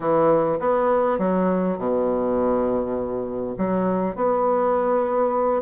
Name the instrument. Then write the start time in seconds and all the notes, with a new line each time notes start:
bassoon
0.00 E3
0.59 B3
1.18 F#3
1.77 B2
3.57 F#3
4.15 B3